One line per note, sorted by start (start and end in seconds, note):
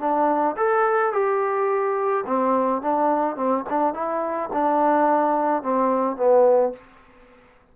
0.00 0.56 D4
0.57 1.13 A4
1.13 2.25 G4
2.27 2.82 C4
2.82 3.37 D4
3.37 3.65 C4
3.70 3.94 D4
3.94 4.50 E4
4.53 5.63 D4
5.63 6.17 C4
6.17 6.73 B3